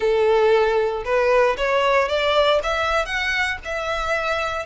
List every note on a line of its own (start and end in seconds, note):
0.00 1.03 A4
1.04 1.56 B4
1.57 2.08 C#5
2.08 2.60 D5
2.63 3.05 E5
3.05 3.57 F#5
3.64 4.66 E5